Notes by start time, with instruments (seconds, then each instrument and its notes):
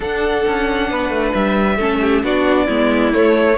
0.00 cello D4, viola D4, violin A4 F#5
0.47 cello C#4
0.89 cello B3, violin B4
1.09 cello A3
1.33 cello G3, violin E5
1.76 cello A3, viola C#4, violin A4
2.00 violin G4
2.23 cello B3, viola D4, violin F#4 D5
2.66 cello G#3, viola B3, violin E4
3.13 viola A3, cello A3, violin C#5